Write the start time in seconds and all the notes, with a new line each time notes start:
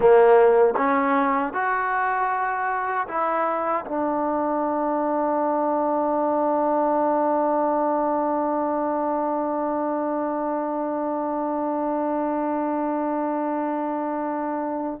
0.00 A#3
0.76 C#4
1.53 F#4
3.07 E4
3.85 D4